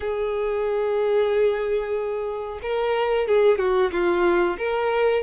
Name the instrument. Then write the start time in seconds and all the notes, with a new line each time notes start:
violin
0.00 G#4
2.62 A#4
3.27 G#4
3.58 F#4
3.92 F4
4.58 A#4